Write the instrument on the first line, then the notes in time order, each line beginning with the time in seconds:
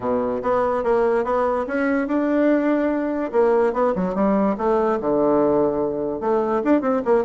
bassoon
0.00 B2
0.42 B3
0.83 A#3
1.24 B3
1.67 C#4
2.07 D4
3.31 A#3
3.73 B3
3.95 F#3
4.14 G3
4.57 A3
5.00 D3
6.20 A3
6.64 D4
6.81 C4
7.04 A#3